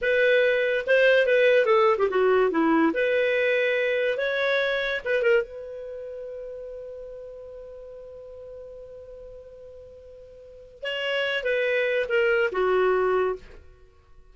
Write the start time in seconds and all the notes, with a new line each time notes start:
0.01 B4
0.86 C5
1.26 B4
1.65 A4
1.98 G4
2.09 F#4
2.50 E4
2.93 B4
4.17 C#5
5.04 B4
5.22 A#4
5.42 B4
10.82 C#5
11.43 B4
12.09 A#4
12.52 F#4